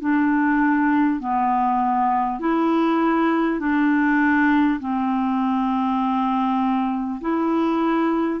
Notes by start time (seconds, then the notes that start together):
0.00 D4
1.19 B3
2.39 E4
3.59 D4
4.80 C4
7.20 E4